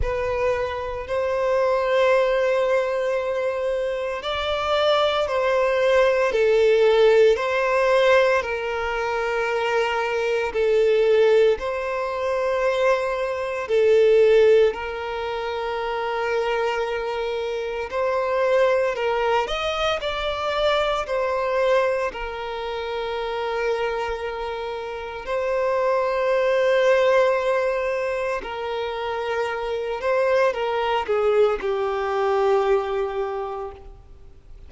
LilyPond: \new Staff \with { instrumentName = "violin" } { \time 4/4 \tempo 4 = 57 b'4 c''2. | d''4 c''4 a'4 c''4 | ais'2 a'4 c''4~ | c''4 a'4 ais'2~ |
ais'4 c''4 ais'8 dis''8 d''4 | c''4 ais'2. | c''2. ais'4~ | ais'8 c''8 ais'8 gis'8 g'2 | }